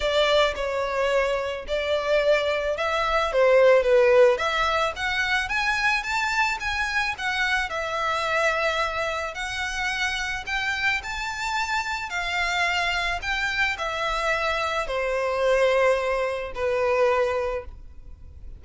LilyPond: \new Staff \with { instrumentName = "violin" } { \time 4/4 \tempo 4 = 109 d''4 cis''2 d''4~ | d''4 e''4 c''4 b'4 | e''4 fis''4 gis''4 a''4 | gis''4 fis''4 e''2~ |
e''4 fis''2 g''4 | a''2 f''2 | g''4 e''2 c''4~ | c''2 b'2 | }